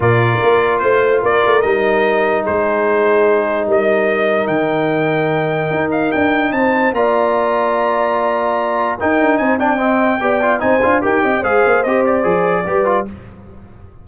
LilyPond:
<<
  \new Staff \with { instrumentName = "trumpet" } { \time 4/4 \tempo 4 = 147 d''2 c''4 d''4 | dis''2 c''2~ | c''4 dis''2 g''4~ | g''2~ g''8 f''8 g''4 |
a''4 ais''2.~ | ais''2 g''4 gis''8 g''8~ | g''2 gis''4 g''4 | f''4 dis''8 d''2~ d''8 | }
  \new Staff \with { instrumentName = "horn" } { \time 4/4 ais'2 c''4 ais'4~ | ais'2 gis'2~ | gis'4 ais'2.~ | ais'1 |
c''4 d''2.~ | d''2 ais'4 c''8 d''8 | dis''4 d''4 c''4 ais'8 dis''8 | c''2. b'4 | }
  \new Staff \with { instrumentName = "trombone" } { \time 4/4 f'1 | dis'1~ | dis'1~ | dis'1~ |
dis'4 f'2.~ | f'2 dis'4. d'8 | c'4 g'8 f'8 dis'8 f'8 g'4 | gis'4 g'4 gis'4 g'8 f'8 | }
  \new Staff \with { instrumentName = "tuba" } { \time 4/4 ais,4 ais4 a4 ais8 a8 | g2 gis2~ | gis4 g2 dis4~ | dis2 dis'4 d'4 |
c'4 ais2.~ | ais2 dis'8 d'8 c'4~ | c'4 b4 c'8 d'8 dis'8 c'8 | gis8 ais8 c'4 f4 g4 | }
>>